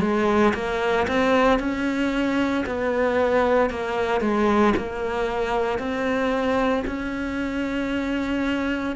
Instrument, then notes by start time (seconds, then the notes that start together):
cello
0.00 G#3
0.54 A#3
1.07 C4
1.59 C#4
2.66 B3
3.69 A#3
4.21 G#3
4.77 A#3
5.78 C4
6.87 C#4